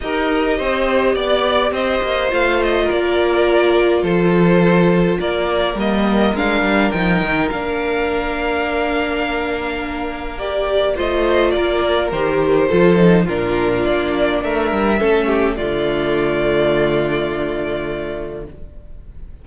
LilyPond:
<<
  \new Staff \with { instrumentName = "violin" } { \time 4/4 \tempo 4 = 104 dis''2 d''4 dis''4 | f''8 dis''8 d''2 c''4~ | c''4 d''4 dis''4 f''4 | g''4 f''2.~ |
f''2 d''4 dis''4 | d''4 c''2 ais'4 | d''4 e''2 d''4~ | d''1 | }
  \new Staff \with { instrumentName = "violin" } { \time 4/4 ais'4 c''4 d''4 c''4~ | c''4 ais'2 a'4~ | a'4 ais'2.~ | ais'1~ |
ais'2. c''4 | ais'2 a'4 f'4~ | f'4 ais'4 a'8 g'8 f'4~ | f'1 | }
  \new Staff \with { instrumentName = "viola" } { \time 4/4 g'1 | f'1~ | f'2 ais4 d'4 | dis'4 d'2.~ |
d'2 g'4 f'4~ | f'4 g'4 f'8 dis'8 d'4~ | d'2 cis'4 a4~ | a1 | }
  \new Staff \with { instrumentName = "cello" } { \time 4/4 dis'4 c'4 b4 c'8 ais8 | a4 ais2 f4~ | f4 ais4 g4 gis8 g8 | f8 dis8 ais2.~ |
ais2. a4 | ais4 dis4 f4 ais,4 | ais4 a8 g8 a4 d4~ | d1 | }
>>